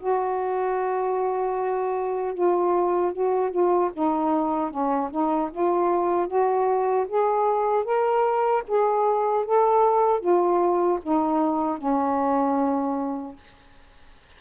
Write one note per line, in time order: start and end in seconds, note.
0.00 2.35 F#4
2.35 3.13 F4
3.13 3.51 F#4
3.51 3.91 F4
3.94 4.71 D#4
4.71 5.10 C#4
5.11 5.50 D#4
5.52 6.28 F4
6.28 7.07 F#4
7.08 7.85 G#4
7.85 8.64 A#4
8.68 9.46 G#4
9.46 10.21 A4
10.21 11.00 F4
11.03 11.78 D#4
11.78 13.36 C#4